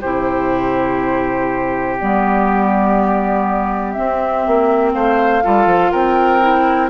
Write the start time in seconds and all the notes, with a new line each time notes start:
0.00 C3 E4 G4 C5
1.99 G3 B3 D5
3.92 C4 E5
4.46 A#3
4.93 A3 C5 F5
5.42 G3 F4 A4
5.65 F3
5.91 C4 A#4 G5
6.41 E4